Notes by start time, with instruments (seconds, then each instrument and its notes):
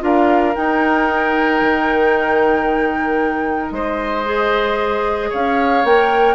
0.00 bassoon D4, clarinet F4, oboe A#4, flute F5
0.55 clarinet D#4, bassoon D#4, flute G5
1.62 bassoon D#3
3.71 bassoon G#3, oboe C5, flute D#5
4.26 clarinet G#4
5.30 bassoon C#4, oboe C#5, flute F5
5.85 bassoon A#3, clarinet A#4, flute G5